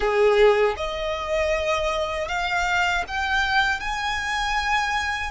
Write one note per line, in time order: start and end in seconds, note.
0.00 0.75 G#4
0.77 2.28 D#5
2.28 3.04 F5
3.07 3.80 G5
3.80 5.31 G#5